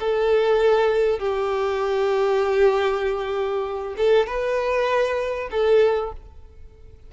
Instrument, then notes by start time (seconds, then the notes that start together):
violin
0.00 A4
1.19 G4
3.97 A4
4.27 B4
5.51 A4